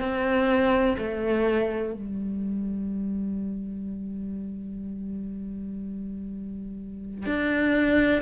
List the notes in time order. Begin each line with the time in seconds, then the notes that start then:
0.00 C4
0.98 A3
1.94 G3
7.26 D4